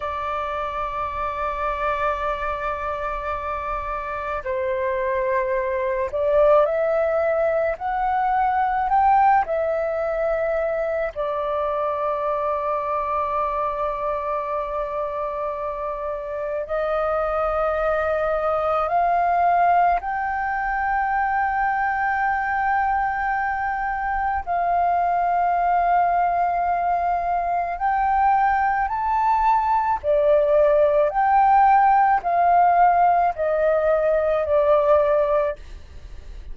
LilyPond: \new Staff \with { instrumentName = "flute" } { \time 4/4 \tempo 4 = 54 d''1 | c''4. d''8 e''4 fis''4 | g''8 e''4. d''2~ | d''2. dis''4~ |
dis''4 f''4 g''2~ | g''2 f''2~ | f''4 g''4 a''4 d''4 | g''4 f''4 dis''4 d''4 | }